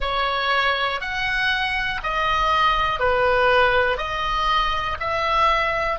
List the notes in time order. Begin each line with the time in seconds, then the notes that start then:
0.00 C#5
1.00 F#5
2.03 D#5
3.00 B4
3.97 D#5
5.00 E5